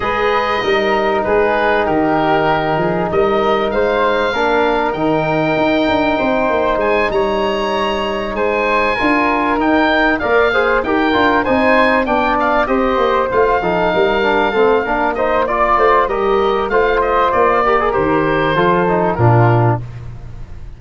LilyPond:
<<
  \new Staff \with { instrumentName = "oboe" } { \time 4/4 \tempo 4 = 97 dis''2 b'4 ais'4~ | ais'4 dis''4 f''2 | g''2. gis''8 ais''8~ | ais''4. gis''2 g''8~ |
g''8 f''4 g''4 gis''4 g''8 | f''8 dis''4 f''2~ f''8~ | f''8 dis''8 d''4 dis''4 f''8 dis''8 | d''4 c''2 ais'4 | }
  \new Staff \with { instrumentName = "flute" } { \time 4/4 b'4 ais'4 gis'4 g'4~ | g'8 gis'8 ais'4 c''4 ais'4~ | ais'2 c''4. cis''8~ | cis''4. c''4 ais'4.~ |
ais'8 d''8 c''8 ais'4 c''4 d''8~ | d''8 c''4. a'8 ais'4 a'8 | ais'8 c''8 d''8 c''8 ais'4 c''4~ | c''8 ais'4. a'4 f'4 | }
  \new Staff \with { instrumentName = "trombone" } { \time 4/4 gis'4 dis'2.~ | dis'2. d'4 | dis'1~ | dis'2~ dis'8 f'4 dis'8~ |
dis'8 ais'8 gis'8 g'8 f'8 dis'4 d'8~ | d'8 g'4 f'8 dis'4 d'8 c'8 | d'8 dis'8 f'4 g'4 f'4~ | f'8 g'16 gis'16 g'4 f'8 dis'8 d'4 | }
  \new Staff \with { instrumentName = "tuba" } { \time 4/4 gis4 g4 gis4 dis4~ | dis8 f8 g4 gis4 ais4 | dis4 dis'8 d'8 c'8 ais8 gis8 g8~ | g4. gis4 d'4 dis'8~ |
dis'8 ais4 dis'8 d'8 c'4 b8~ | b8 c'8 ais8 a8 f8 g4 a8 | ais4. a8 g4 a4 | ais4 dis4 f4 ais,4 | }
>>